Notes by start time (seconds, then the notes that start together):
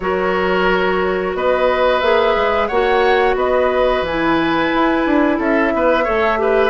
0.00 F#3 F#4 A#4 C#5
1.34 B3 B4 D#5
2.00 A#3 G#4 E5
2.36 G#3
2.67 A#3 F#4 C#5 F#5
3.35 B3 B4 D#5
4.01 E3 G#5
4.08 E4
4.74 E4
5.06 D4
5.38 C#4 A4 E5
5.73 B3 B4
6.04 A3 A4 C#5
6.38 G4 B4